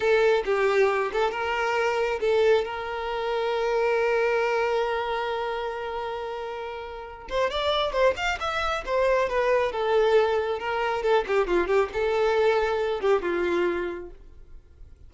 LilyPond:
\new Staff \with { instrumentName = "violin" } { \time 4/4 \tempo 4 = 136 a'4 g'4. a'8 ais'4~ | ais'4 a'4 ais'2~ | ais'1~ | ais'1~ |
ais'8 c''8 d''4 c''8 f''8 e''4 | c''4 b'4 a'2 | ais'4 a'8 g'8 f'8 g'8 a'4~ | a'4. g'8 f'2 | }